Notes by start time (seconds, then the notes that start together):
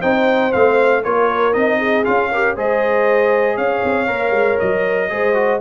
0.00 C4 D#4 C5 G5
0.52 A3 C4 F5
1.03 A#3 F4 A#4 C#5
1.53 C4 D#4 D#5
1.78 G#4
2.05 C#4 F4 F5
2.31 G4 A#4
2.56 G#3 G#4 C5 D#5
3.56 C#4 C#5 F5
3.84 C4
4.07 A#3 A#4
4.31 G#3
4.60 F#3 D#5
5.09 G#3 G#4 C5
5.34 F#4